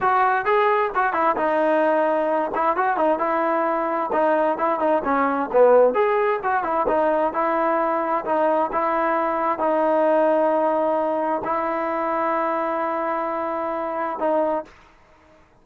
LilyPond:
\new Staff \with { instrumentName = "trombone" } { \time 4/4 \tempo 4 = 131 fis'4 gis'4 fis'8 e'8 dis'4~ | dis'4. e'8 fis'8 dis'8 e'4~ | e'4 dis'4 e'8 dis'8 cis'4 | b4 gis'4 fis'8 e'8 dis'4 |
e'2 dis'4 e'4~ | e'4 dis'2.~ | dis'4 e'2.~ | e'2. dis'4 | }